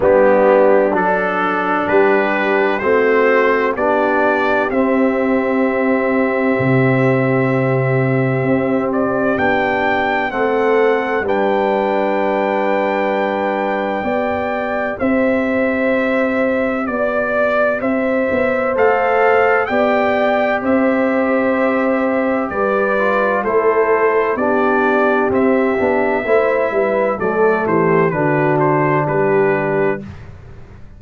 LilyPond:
<<
  \new Staff \with { instrumentName = "trumpet" } { \time 4/4 \tempo 4 = 64 g'4 a'4 b'4 c''4 | d''4 e''2.~ | e''4. d''8 g''4 fis''4 | g''1 |
e''2 d''4 e''4 | f''4 g''4 e''2 | d''4 c''4 d''4 e''4~ | e''4 d''8 c''8 b'8 c''8 b'4 | }
  \new Staff \with { instrumentName = "horn" } { \time 4/4 d'2 g'4 fis'4 | g'1~ | g'2. a'4 | b'2. d''4 |
c''2 d''4 c''4~ | c''4 d''4 c''2 | b'4 a'4 g'2 | c''8 b'8 a'8 g'8 fis'4 g'4 | }
  \new Staff \with { instrumentName = "trombone" } { \time 4/4 b4 d'2 c'4 | d'4 c'2.~ | c'2 d'4 c'4 | d'2. g'4~ |
g'1 | a'4 g'2.~ | g'8 f'8 e'4 d'4 c'8 d'8 | e'4 a4 d'2 | }
  \new Staff \with { instrumentName = "tuba" } { \time 4/4 g4 fis4 g4 a4 | b4 c'2 c4~ | c4 c'4 b4 a4 | g2. b4 |
c'2 b4 c'8 b8 | a4 b4 c'2 | g4 a4 b4 c'8 b8 | a8 g8 fis8 e8 d4 g4 | }
>>